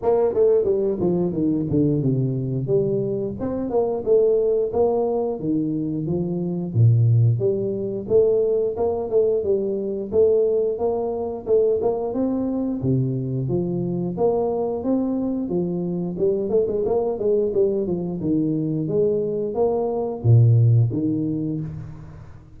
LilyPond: \new Staff \with { instrumentName = "tuba" } { \time 4/4 \tempo 4 = 89 ais8 a8 g8 f8 dis8 d8 c4 | g4 c'8 ais8 a4 ais4 | dis4 f4 ais,4 g4 | a4 ais8 a8 g4 a4 |
ais4 a8 ais8 c'4 c4 | f4 ais4 c'4 f4 | g8 a16 gis16 ais8 gis8 g8 f8 dis4 | gis4 ais4 ais,4 dis4 | }